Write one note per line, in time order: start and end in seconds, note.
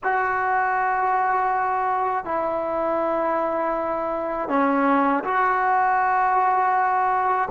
0.03 2.24 F#4
2.24 4.48 E4
4.48 5.23 C#4
5.24 7.49 F#4